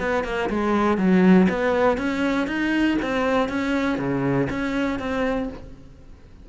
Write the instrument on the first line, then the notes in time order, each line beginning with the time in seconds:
cello
0.00 B3
0.25 A#3
0.50 G#3
0.98 F#3
1.50 B3
1.98 C#4
2.48 D#4
3.02 C4
3.49 C#4
3.98 C#3
4.50 C#4
5.00 C4